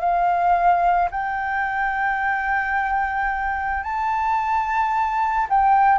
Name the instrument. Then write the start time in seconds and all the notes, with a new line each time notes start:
flute
0.00 F5
1.11 G5
3.83 A5
5.49 G5